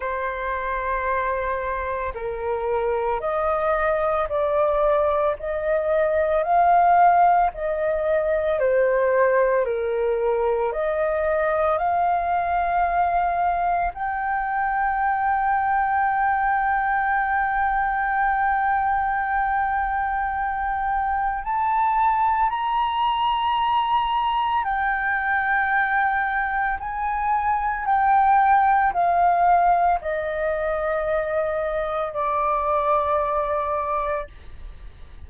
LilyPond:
\new Staff \with { instrumentName = "flute" } { \time 4/4 \tempo 4 = 56 c''2 ais'4 dis''4 | d''4 dis''4 f''4 dis''4 | c''4 ais'4 dis''4 f''4~ | f''4 g''2.~ |
g''1 | a''4 ais''2 g''4~ | g''4 gis''4 g''4 f''4 | dis''2 d''2 | }